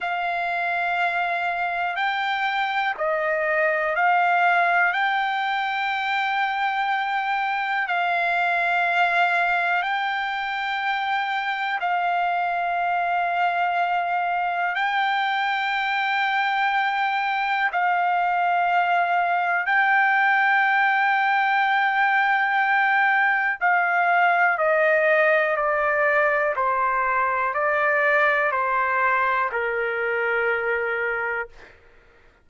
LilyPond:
\new Staff \with { instrumentName = "trumpet" } { \time 4/4 \tempo 4 = 61 f''2 g''4 dis''4 | f''4 g''2. | f''2 g''2 | f''2. g''4~ |
g''2 f''2 | g''1 | f''4 dis''4 d''4 c''4 | d''4 c''4 ais'2 | }